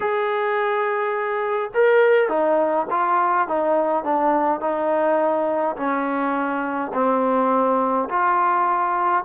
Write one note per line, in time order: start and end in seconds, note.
0.00 1.70 G#4
1.74 2.28 A#4
2.28 2.86 D#4
2.90 3.48 F4
3.48 4.04 D#4
4.04 4.60 D4
4.60 5.75 D#4
5.76 6.91 C#4
6.93 8.08 C4
8.09 9.24 F4